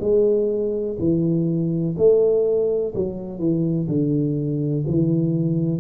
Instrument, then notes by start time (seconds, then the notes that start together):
tuba
0.00 G#3
0.99 E3
1.98 A3
2.95 F#3
3.39 E3
3.88 D3
4.87 E3